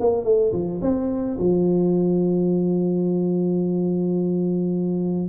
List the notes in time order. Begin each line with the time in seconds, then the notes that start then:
0.00 A#3
0.24 A3
0.52 F3
0.81 C4
1.39 F3